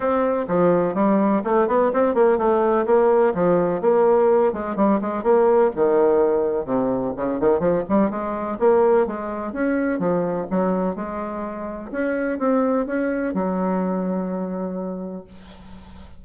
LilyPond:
\new Staff \with { instrumentName = "bassoon" } { \time 4/4 \tempo 4 = 126 c'4 f4 g4 a8 b8 | c'8 ais8 a4 ais4 f4 | ais4. gis8 g8 gis8 ais4 | dis2 c4 cis8 dis8 |
f8 g8 gis4 ais4 gis4 | cis'4 f4 fis4 gis4~ | gis4 cis'4 c'4 cis'4 | fis1 | }